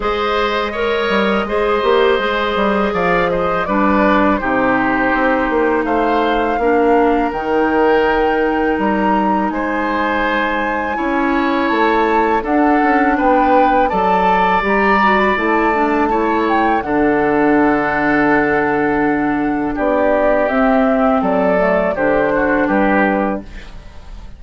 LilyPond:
<<
  \new Staff \with { instrumentName = "flute" } { \time 4/4 \tempo 4 = 82 dis''1 | f''8 dis''8 d''4 c''2 | f''2 g''2 | ais''4 gis''2. |
a''4 fis''4 g''4 a''4 | ais''8. b''16 a''4. g''8 fis''4~ | fis''2. d''4 | e''4 d''4 c''4 b'4 | }
  \new Staff \with { instrumentName = "oboe" } { \time 4/4 c''4 cis''4 c''2 | d''8 c''8 b'4 g'2 | c''4 ais'2.~ | ais'4 c''2 cis''4~ |
cis''4 a'4 b'4 d''4~ | d''2 cis''4 a'4~ | a'2. g'4~ | g'4 a'4 g'8 fis'8 g'4 | }
  \new Staff \with { instrumentName = "clarinet" } { \time 4/4 gis'4 ais'4 gis'8 g'8 gis'4~ | gis'4 d'4 dis'2~ | dis'4 d'4 dis'2~ | dis'2. e'4~ |
e'4 d'2 a'4 | g'8 fis'8 e'8 d'8 e'4 d'4~ | d'1 | c'4. a8 d'2 | }
  \new Staff \with { instrumentName = "bassoon" } { \time 4/4 gis4. g8 gis8 ais8 gis8 g8 | f4 g4 c4 c'8 ais8 | a4 ais4 dis2 | g4 gis2 cis'4 |
a4 d'8 cis'8 b4 fis4 | g4 a2 d4~ | d2. b4 | c'4 fis4 d4 g4 | }
>>